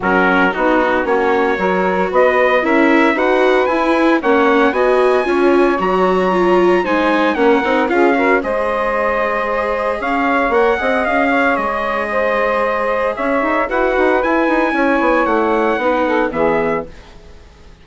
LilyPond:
<<
  \new Staff \with { instrumentName = "trumpet" } { \time 4/4 \tempo 4 = 114 ais'4 fis'4 cis''2 | dis''4 e''4 fis''4 gis''4 | fis''4 gis''2 ais''4~ | ais''4 gis''4 fis''4 f''4 |
dis''2. f''4 | fis''4 f''4 dis''2~ | dis''4 e''4 fis''4 gis''4~ | gis''4 fis''2 e''4 | }
  \new Staff \with { instrumentName = "saxophone" } { \time 4/4 fis'4 dis'4 fis'4 ais'4 | b'4 ais'4 b'2 | cis''4 dis''4 cis''2~ | cis''4 c''4 ais'4 gis'8 ais'8 |
c''2. cis''4~ | cis''8 dis''4 cis''4. c''4~ | c''4 cis''4 b'2 | cis''2 b'8 a'8 gis'4 | }
  \new Staff \with { instrumentName = "viola" } { \time 4/4 cis'4 dis'4 cis'4 fis'4~ | fis'4 e'4 fis'4 e'4 | cis'4 fis'4 f'4 fis'4 | f'4 dis'4 cis'8 dis'8 f'8 fis'8 |
gis'1 | ais'8 gis'2.~ gis'8~ | gis'2 fis'4 e'4~ | e'2 dis'4 b4 | }
  \new Staff \with { instrumentName = "bassoon" } { \time 4/4 fis4 b4 ais4 fis4 | b4 cis'4 dis'4 e'4 | ais4 b4 cis'4 fis4~ | fis4 gis4 ais8 c'8 cis'4 |
gis2. cis'4 | ais8 c'8 cis'4 gis2~ | gis4 cis'8 dis'8 e'8 dis'8 e'8 dis'8 | cis'8 b8 a4 b4 e4 | }
>>